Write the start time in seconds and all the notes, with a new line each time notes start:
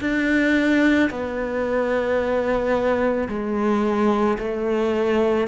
0.00 D4
1.10 B3
3.28 G#3
4.38 A3